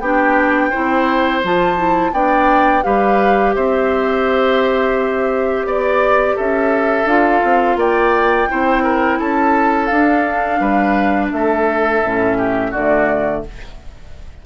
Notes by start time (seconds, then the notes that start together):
0.00 B3 D4 G4 G5
0.70 E4 C5
0.77 C4
1.43 F3 F4 A5
1.77 E4
2.12 B3 D4 D5 G5
2.82 G3 G4 B4 F5
3.55 C4 C5 E5
5.65 B3 D5
6.36 C#4 A4 E5
7.05 D4 F4 F5
7.44 C4
7.76 A#3 D5 G5
8.49 C4 E4 C5
8.83 A#4
9.19 C#4 A4 A5
9.86 D4 F5
9.93 D4
10.60 G3 B4
11.32 A3 A4 E5
12.04 A2 C#4
12.38 G4
12.71 D3 A3 F#4 D5